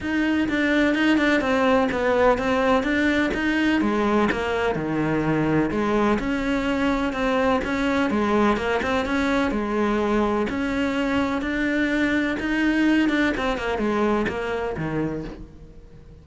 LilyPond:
\new Staff \with { instrumentName = "cello" } { \time 4/4 \tempo 4 = 126 dis'4 d'4 dis'8 d'8 c'4 | b4 c'4 d'4 dis'4 | gis4 ais4 dis2 | gis4 cis'2 c'4 |
cis'4 gis4 ais8 c'8 cis'4 | gis2 cis'2 | d'2 dis'4. d'8 | c'8 ais8 gis4 ais4 dis4 | }